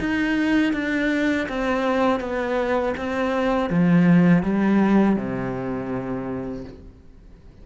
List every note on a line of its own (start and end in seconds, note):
0.00 0.73 D#4
0.73 1.47 D4
1.49 2.20 C4
2.20 2.94 B3
2.97 3.70 C4
3.70 4.43 F3
4.43 5.16 G3
5.16 6.64 C3